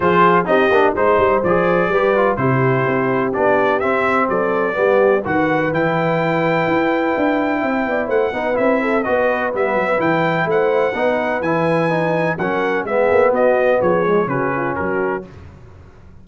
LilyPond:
<<
  \new Staff \with { instrumentName = "trumpet" } { \time 4/4 \tempo 4 = 126 c''4 dis''4 c''4 d''4~ | d''4 c''2 d''4 | e''4 d''2 fis''4 | g''1~ |
g''4 fis''4 e''4 dis''4 | e''4 g''4 fis''2 | gis''2 fis''4 e''4 | dis''4 cis''4 b'4 ais'4 | }
  \new Staff \with { instrumentName = "horn" } { \time 4/4 gis'4 g'4 c''2 | b'4 g'2.~ | g'4 a'4 g'4 b'4~ | b'1 |
e''8 d''8 c''8 b'4 a'8 b'4~ | b'2 c''4 b'4~ | b'2 ais'4 gis'4 | fis'4 gis'4 fis'8 f'8 fis'4 | }
  \new Staff \with { instrumentName = "trombone" } { \time 4/4 f'4 dis'8 d'8 dis'4 gis'4 | g'8 f'8 e'2 d'4 | c'2 b4 fis'4 | e'1~ |
e'4. dis'8 e'4 fis'4 | b4 e'2 dis'4 | e'4 dis'4 cis'4 b4~ | b4. gis8 cis'2 | }
  \new Staff \with { instrumentName = "tuba" } { \time 4/4 f4 c'8 ais8 gis8 g8 f4 | g4 c4 c'4 b4 | c'4 fis4 g4 dis4 | e2 e'4 d'4 |
c'8 b8 a8 b8 c'4 b4 | g8 fis8 e4 a4 b4 | e2 fis4 gis8 ais8 | b4 f4 cis4 fis4 | }
>>